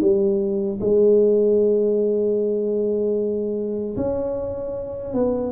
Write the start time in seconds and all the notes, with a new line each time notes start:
0.00 G3
0.80 G#3
3.96 C#4
5.14 B3